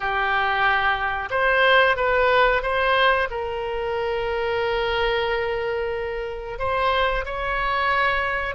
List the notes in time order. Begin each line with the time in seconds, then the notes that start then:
0.00 G4
1.30 C5
1.96 B4
2.62 C5
3.30 A#4
6.58 C5
7.25 C#5